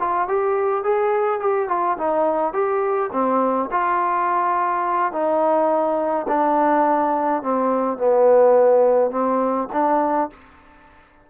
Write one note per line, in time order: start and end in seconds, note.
0.00 0.28 F4
0.28 0.84 G4
0.84 1.40 G#4
1.40 1.69 G4
1.69 1.97 F4
1.98 2.54 D#4
2.54 3.11 G4
3.13 3.70 C4
3.71 5.12 F4
5.12 6.27 D#4
6.29 7.43 D4
7.43 7.98 C4
7.98 9.11 B3
9.11 9.68 C4
9.73 10.30 D4